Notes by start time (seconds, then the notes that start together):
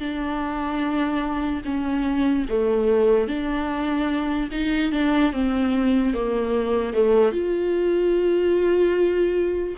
0.00 D4
1.65 C#4
2.49 A3
3.28 D4
4.51 D#4
4.92 D4
5.33 C4
6.14 A#3
6.94 A3
7.32 F4